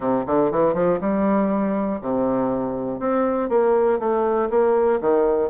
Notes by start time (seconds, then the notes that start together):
0.00 C3
0.26 D3
0.51 E3
0.74 F3
1.00 G3
2.01 C3
2.99 C4
3.49 A#3
3.99 A3
4.50 A#3
5.00 D#3